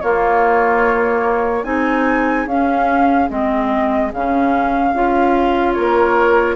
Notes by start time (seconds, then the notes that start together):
0.00 A#3 F4 C#5
1.64 C4 D#4 G#4 G#5
2.46 C#4 F5
3.29 G#3 C4 D#5
4.13 C#3 C#4 F5
4.93 C#4 F4
5.73 A#3 A#4 C#5